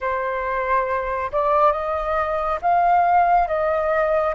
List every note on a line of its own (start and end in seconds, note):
0.00 1.31 C5
1.32 1.72 D5
1.72 2.59 D#5
2.61 3.47 F5
3.47 4.34 D#5